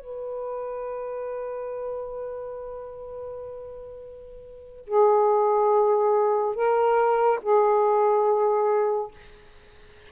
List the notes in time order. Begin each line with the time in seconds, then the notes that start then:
0.00 B4
4.87 G#4
6.55 A#4
7.43 G#4